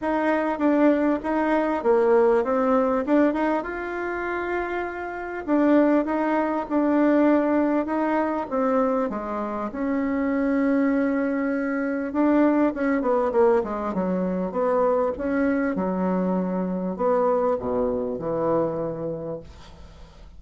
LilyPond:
\new Staff \with { instrumentName = "bassoon" } { \time 4/4 \tempo 4 = 99 dis'4 d'4 dis'4 ais4 | c'4 d'8 dis'8 f'2~ | f'4 d'4 dis'4 d'4~ | d'4 dis'4 c'4 gis4 |
cis'1 | d'4 cis'8 b8 ais8 gis8 fis4 | b4 cis'4 fis2 | b4 b,4 e2 | }